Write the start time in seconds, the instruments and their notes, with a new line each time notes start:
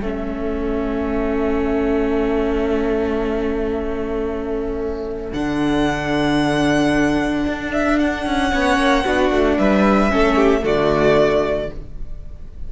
0.00 cello A3, viola C#4, violin A4 E5
5.33 cello D3, viola D4, violin F#5
7.46 cello D4
7.72 violin E5
7.99 violin F#5
8.26 cello C#4
8.50 cello B3, viola C#4, violin C#5
8.77 cello A#3
9.04 cello B3, viola D4, violin F#4
9.31 cello A3
9.58 cello G3, violin B4 E5
10.10 cello A3, viola C#4, violin A4
10.36 violin G4
10.61 cello D3, viola A3, violin F#4 D5